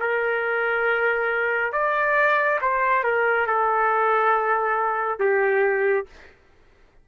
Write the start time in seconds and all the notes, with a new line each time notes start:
0.00 A#4
1.72 D5
2.61 C5
3.04 A#4
3.47 A4
5.19 G4